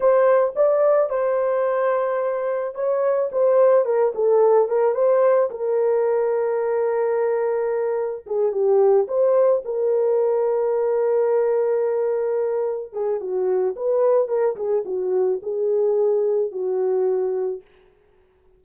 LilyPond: \new Staff \with { instrumentName = "horn" } { \time 4/4 \tempo 4 = 109 c''4 d''4 c''2~ | c''4 cis''4 c''4 ais'8 a'8~ | a'8 ais'8 c''4 ais'2~ | ais'2. gis'8 g'8~ |
g'8 c''4 ais'2~ ais'8~ | ais'2.~ ais'8 gis'8 | fis'4 b'4 ais'8 gis'8 fis'4 | gis'2 fis'2 | }